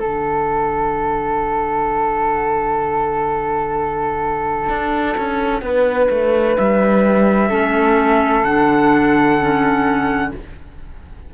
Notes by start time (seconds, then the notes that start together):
0.00 D3 D4 A4 F#5
4.69 D4
5.18 C#4
5.62 B3 B4
6.11 A3
6.57 G3 E5
7.50 A3 C#4 A4
8.44 D3 D4 F#5
9.41 C#4